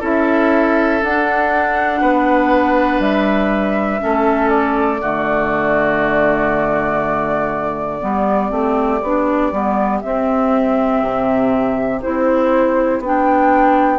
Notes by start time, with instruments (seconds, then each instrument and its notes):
0.00 bassoon C#4, clarinet E4, oboe A4, flute E5
1.03 bassoon D4, clarinet D4, flute F#5
2.01 bassoon B3, oboe B4
3.00 bassoon G3, flute E5
3.99 bassoon A3, clarinet C#4, oboe A4
4.49 flute D5
5.00 bassoon D3, clarinet A3, oboe F#4
8.00 bassoon G3, clarinet B3, oboe G4
8.50 bassoon A3, clarinet C4
9.02 bassoon B3, clarinet D4
9.52 bassoon G3, clarinet B3
10.01 clarinet C4, bassoon C4, flute E5
11.02 bassoon C3
12.02 bassoon C4, clarinet E4, flute C5
13.00 bassoon B3, clarinet D4, flute G5